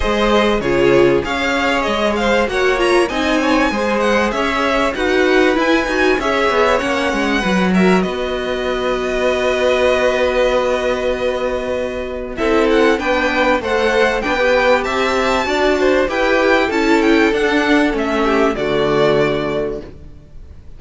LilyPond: <<
  \new Staff \with { instrumentName = "violin" } { \time 4/4 \tempo 4 = 97 dis''4 cis''4 f''4 dis''8 f''8 | fis''8 ais''8 gis''4. fis''8 e''4 | fis''4 gis''4 e''4 fis''4~ | fis''8 e''8 dis''2.~ |
dis''1 | e''8 fis''8 g''4 fis''4 g''4 | a''2 g''4 a''8 g''8 | fis''4 e''4 d''2 | }
  \new Staff \with { instrumentName = "violin" } { \time 4/4 c''4 gis'4 cis''4. c''8 | cis''4 dis''8 cis''8 c''4 cis''4 | b'2 cis''2 | b'8 ais'8 b'2.~ |
b'1 | a'4 b'4 c''4 b'4 | e''4 d''8 c''8 b'4 a'4~ | a'4. g'8 fis'2 | }
  \new Staff \with { instrumentName = "viola" } { \time 4/4 gis'4 f'4 gis'2 | fis'8 f'8 dis'4 gis'2 | fis'4 e'8 fis'8 gis'4 cis'4 | fis'1~ |
fis'1 | e'4 d'4 a'4 d'16 g'8.~ | g'4 fis'4 g'4 e'4 | d'4 cis'4 a2 | }
  \new Staff \with { instrumentName = "cello" } { \time 4/4 gis4 cis4 cis'4 gis4 | ais4 c'4 gis4 cis'4 | dis'4 e'8 dis'8 cis'8 b8 ais8 gis8 | fis4 b2.~ |
b1 | c'4 b4 a4 b4 | c'4 d'4 e'4 cis'4 | d'4 a4 d2 | }
>>